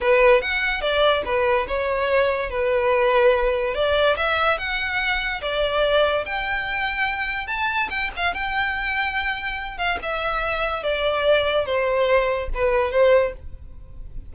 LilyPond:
\new Staff \with { instrumentName = "violin" } { \time 4/4 \tempo 4 = 144 b'4 fis''4 d''4 b'4 | cis''2 b'2~ | b'4 d''4 e''4 fis''4~ | fis''4 d''2 g''4~ |
g''2 a''4 g''8 f''8 | g''2.~ g''8 f''8 | e''2 d''2 | c''2 b'4 c''4 | }